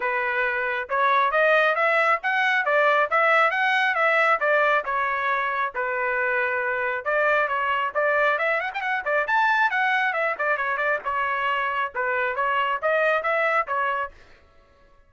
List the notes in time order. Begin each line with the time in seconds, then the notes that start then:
0.00 B4
0.89 C#5
1.31 D#5
1.75 E5
2.22 F#5
2.65 D5
3.10 E5
3.51 F#5
3.94 E5
4.40 D5
4.84 C#5
5.75 B4
7.04 D5
7.47 C#5
7.94 D5
8.38 E5
8.60 F#5
8.74 G5
8.81 F#5
9.04 D5
9.27 A5
9.70 F#5
10.13 E5
10.38 D5
10.57 C#5
10.77 D5
11.04 C#5
11.95 B4
12.35 C#5
12.82 D#5
13.22 E5
13.67 C#5